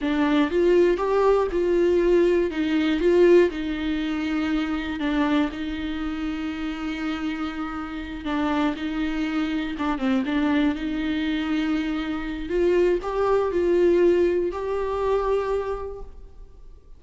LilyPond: \new Staff \with { instrumentName = "viola" } { \time 4/4 \tempo 4 = 120 d'4 f'4 g'4 f'4~ | f'4 dis'4 f'4 dis'4~ | dis'2 d'4 dis'4~ | dis'1~ |
dis'8 d'4 dis'2 d'8 | c'8 d'4 dis'2~ dis'8~ | dis'4 f'4 g'4 f'4~ | f'4 g'2. | }